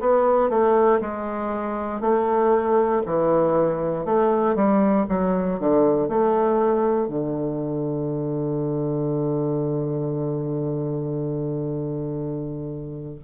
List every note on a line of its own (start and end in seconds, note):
0.00 0.49 B3
0.49 1.00 A3
1.01 2.01 G#3
2.01 3.02 A3
3.06 4.05 E3
4.05 4.55 A3
4.55 5.06 G3
5.09 5.60 F#3
5.60 6.09 D3
6.09 7.08 A3
7.08 13.18 D3